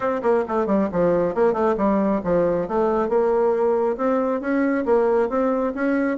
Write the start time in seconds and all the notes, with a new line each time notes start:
0.00 C4
0.22 A#3
0.48 A3
0.66 G3
0.92 F3
1.34 A#3
1.53 A3
1.77 G3
2.23 F3
2.68 A3
3.08 A#3
3.97 C4
4.40 C#4
4.85 A#3
5.29 C4
5.75 C#4